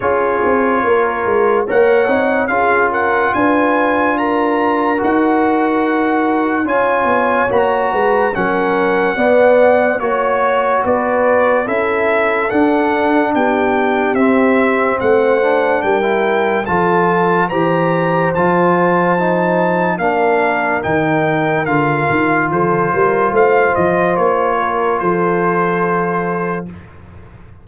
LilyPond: <<
  \new Staff \with { instrumentName = "trumpet" } { \time 4/4 \tempo 4 = 72 cis''2 fis''4 f''8 fis''8 | gis''4 ais''4 fis''2 | gis''4 ais''4 fis''2 | cis''4 d''4 e''4 fis''4 |
g''4 e''4 fis''4 g''4 | a''4 ais''4 a''2 | f''4 g''4 f''4 c''4 | f''8 dis''8 cis''4 c''2 | }
  \new Staff \with { instrumentName = "horn" } { \time 4/4 gis'4 ais'4 cis''4 gis'8 ais'8 | b'4 ais'2. | cis''4. b'8 ais'4 d''4 | cis''4 b'4 a'2 |
g'2 c''4 ais'4 | a'4 c''2. | ais'2. a'8 ais'8 | c''4. ais'8 a'2 | }
  \new Staff \with { instrumentName = "trombone" } { \time 4/4 f'2 ais'8 dis'8 f'4~ | f'2 fis'2 | f'4 fis'4 cis'4 b4 | fis'2 e'4 d'4~ |
d'4 c'4. d'8. e'8. | f'4 g'4 f'4 dis'4 | d'4 dis'4 f'2~ | f'1 | }
  \new Staff \with { instrumentName = "tuba" } { \time 4/4 cis'8 c'8 ais8 gis8 ais8 c'8 cis'4 | d'2 dis'2 | cis'8 b8 ais8 gis8 fis4 b4 | ais4 b4 cis'4 d'4 |
b4 c'4 a4 g4 | f4 e4 f2 | ais4 dis4 d8 dis8 f8 g8 | a8 f8 ais4 f2 | }
>>